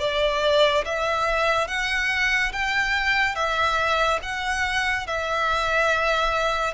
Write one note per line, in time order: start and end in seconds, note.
0.00 0.85 D5
0.85 1.68 E5
1.68 2.52 F#5
2.53 3.35 G5
3.35 4.20 E5
4.23 5.07 F#5
5.07 6.75 E5